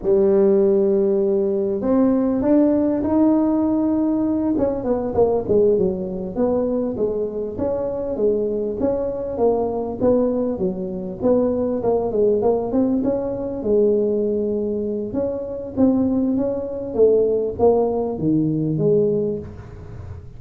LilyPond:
\new Staff \with { instrumentName = "tuba" } { \time 4/4 \tempo 4 = 99 g2. c'4 | d'4 dis'2~ dis'8 cis'8 | b8 ais8 gis8 fis4 b4 gis8~ | gis8 cis'4 gis4 cis'4 ais8~ |
ais8 b4 fis4 b4 ais8 | gis8 ais8 c'8 cis'4 gis4.~ | gis4 cis'4 c'4 cis'4 | a4 ais4 dis4 gis4 | }